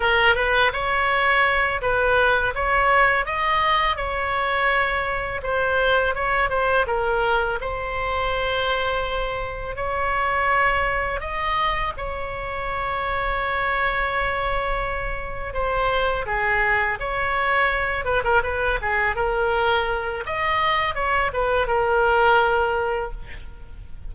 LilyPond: \new Staff \with { instrumentName = "oboe" } { \time 4/4 \tempo 4 = 83 ais'8 b'8 cis''4. b'4 cis''8~ | cis''8 dis''4 cis''2 c''8~ | c''8 cis''8 c''8 ais'4 c''4.~ | c''4. cis''2 dis''8~ |
dis''8 cis''2.~ cis''8~ | cis''4. c''4 gis'4 cis''8~ | cis''4 b'16 ais'16 b'8 gis'8 ais'4. | dis''4 cis''8 b'8 ais'2 | }